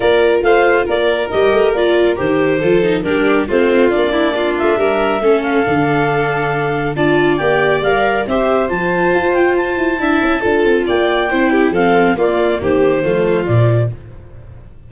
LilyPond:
<<
  \new Staff \with { instrumentName = "clarinet" } { \time 4/4 \tempo 4 = 138 d''4 f''4 d''4 dis''4 | d''4 c''2 ais'4 | c''4 d''4. e''4.~ | e''8 f''2.~ f''8 |
a''4 g''4 f''4 e''4 | a''4. g''8 a''2~ | a''4 g''2 f''4 | d''4 c''2 d''4 | }
  \new Staff \with { instrumentName = "violin" } { \time 4/4 ais'4 c''4 ais'2~ | ais'2 a'4 g'4 | f'4. e'8 f'4 ais'4 | a'1 |
d''2. c''4~ | c''2. e''4 | a'4 d''4 c''8 g'8 a'4 | f'4 g'4 f'2 | }
  \new Staff \with { instrumentName = "viola" } { \time 4/4 f'2. g'4 | f'4 g'4 f'8 dis'8 d'4 | c'4 d'2. | cis'4 d'2. |
f'4 g'4 ais'4 g'4 | f'2. e'4 | f'2 e'4 c'4 | ais2 a4 f4 | }
  \new Staff \with { instrumentName = "tuba" } { \time 4/4 ais4 a4 ais4 g8 a8 | ais4 dis4 f4 g4 | a4 ais4. a8 g4 | a4 d2. |
d'4 ais4 g4 c'4 | f4 f'4. e'8 d'8 cis'8 | d'8 c'8 ais4 c'4 f4 | ais4 dis4 f4 ais,4 | }
>>